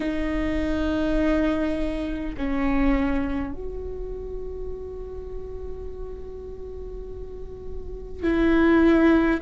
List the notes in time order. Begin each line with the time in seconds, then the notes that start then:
0.00 D#4
2.37 C#4
3.53 F#4
8.22 E4